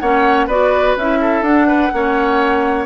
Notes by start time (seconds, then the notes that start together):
0.00 A#3 C#4 C#5 F#5
0.47 B3 F#4 B4 D5
0.97 C#4 E4 E5
1.21 A4
1.42 D4 F#5
1.68 B4
1.93 A#3 C#4 C#5